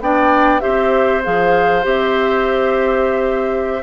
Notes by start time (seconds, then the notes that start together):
0.00 B3 D4 D5 G5
0.60 C4 G4 C5 E5
1.23 F3 G#4 F5
1.83 C4 G4 E5